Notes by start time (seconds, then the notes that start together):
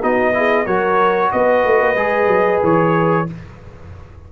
0.00 B3 D#4 F#4 D#5
0.33 E4 G#4
0.65 F#3 F#4 A#4 C#5
1.31 B3 B4 D#5
1.64 A3
1.81 A#3
1.95 G#3 G#4
2.27 F#3
2.63 E3 C#5